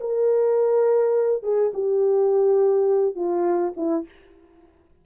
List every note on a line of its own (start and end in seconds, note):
0.00 1.43 A#4
1.43 1.72 G#4
1.74 3.15 G4
3.15 3.73 F4
3.77 4.05 E4